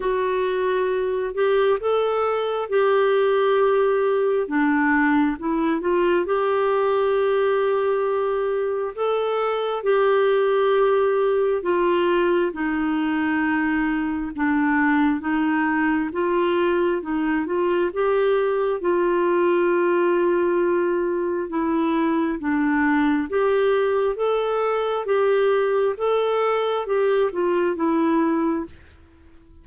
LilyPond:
\new Staff \with { instrumentName = "clarinet" } { \time 4/4 \tempo 4 = 67 fis'4. g'8 a'4 g'4~ | g'4 d'4 e'8 f'8 g'4~ | g'2 a'4 g'4~ | g'4 f'4 dis'2 |
d'4 dis'4 f'4 dis'8 f'8 | g'4 f'2. | e'4 d'4 g'4 a'4 | g'4 a'4 g'8 f'8 e'4 | }